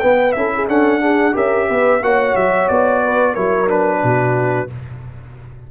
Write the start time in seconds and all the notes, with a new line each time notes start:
0.00 B3 B4 G5
0.33 C#4 E4 A4 E5
0.56 G#4
0.68 C#4 D4 A4 F#5
1.01 D4 G#4
1.33 C#4 G4 A#4 E5
1.70 B3 B4
2.02 A#3 F#4 C#5 F#5
2.36 F#3 E5
2.69 B3 D5
3.03 B4
3.33 F#3 E4 A#4 C#5
3.68 D4 B4
4.04 B2 F#4